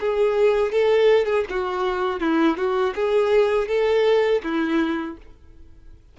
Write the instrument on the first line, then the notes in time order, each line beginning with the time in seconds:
violin
0.00 G#4
0.72 A4
1.26 G#4
1.49 F#4
2.20 E4
2.57 F#4
2.95 G#4
3.68 A4
4.43 E4